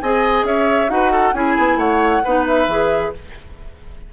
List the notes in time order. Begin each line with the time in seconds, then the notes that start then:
0.00 C4 G#4 D#5 G#5
0.43 C#4 C#5 E5
0.88 D#4 F#4 B4 F#5
1.11 A4
1.33 C#4 E4 G#4 G#5
1.58 B3
1.76 A3 C#5 F#5
2.24 B3 D#4 B4
2.46 E5
2.67 E3 G#4